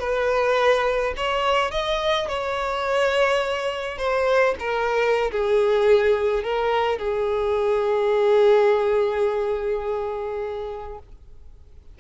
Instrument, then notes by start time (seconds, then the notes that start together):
violin
0.00 B4
1.17 C#5
1.71 D#5
2.29 C#5
3.98 C5
4.60 A#4
5.32 G#4
6.44 A#4
6.99 G#4